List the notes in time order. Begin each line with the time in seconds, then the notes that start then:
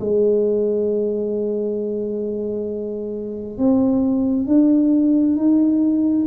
0.00 G#3
3.57 C4
4.47 D4
5.36 D#4